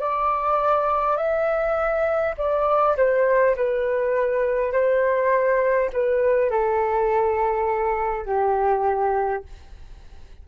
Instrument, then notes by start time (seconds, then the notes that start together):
flute
0.00 D5
1.17 E5
2.38 D5
2.97 C5
3.56 B4
4.73 C5
5.93 B4
6.51 A4
8.26 G4